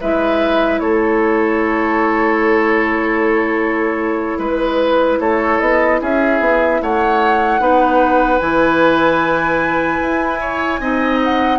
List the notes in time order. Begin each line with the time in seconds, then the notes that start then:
0.00 G#3 E4 B4 E5
0.79 A3 A4 C#5
4.38 G#3 B4
5.19 A3 A4 C#5
5.60 B3 D#5
6.01 C#4 G#4 E5
6.40 B3
6.81 A3 C#5 F#5
7.59 B3 D#4 B4
8.38 E3 E4 G#5
10.01 E4
10.40 C#5
10.80 C4 D#4 D#5
11.23 F#5